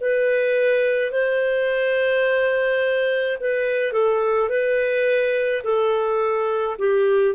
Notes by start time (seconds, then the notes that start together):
0.00 B4
1.11 C5
3.40 B4
3.92 A4
4.49 B4
5.63 A4
6.78 G4